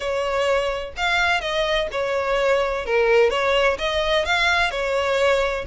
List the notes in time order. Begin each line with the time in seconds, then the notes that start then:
0.00 C#5
0.97 F5
1.40 D#5
1.91 C#5
2.85 A#4
3.29 C#5
3.78 D#5
4.25 F5
4.70 C#5